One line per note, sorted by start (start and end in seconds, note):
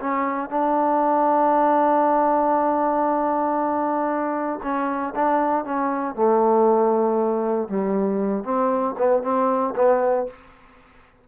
0.00 0.50 C#4
0.50 4.60 D4
4.63 5.14 C#4
5.15 5.65 D4
5.65 6.15 C#4
6.15 7.69 A3
7.69 8.44 G3
8.44 8.95 C4
8.98 9.23 B3
9.23 9.74 C4
9.76 10.27 B3